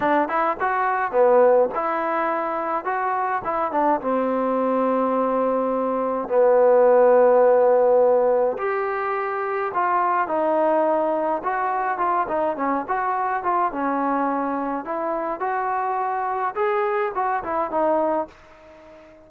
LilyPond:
\new Staff \with { instrumentName = "trombone" } { \time 4/4 \tempo 4 = 105 d'8 e'8 fis'4 b4 e'4~ | e'4 fis'4 e'8 d'8 c'4~ | c'2. b4~ | b2. g'4~ |
g'4 f'4 dis'2 | fis'4 f'8 dis'8 cis'8 fis'4 f'8 | cis'2 e'4 fis'4~ | fis'4 gis'4 fis'8 e'8 dis'4 | }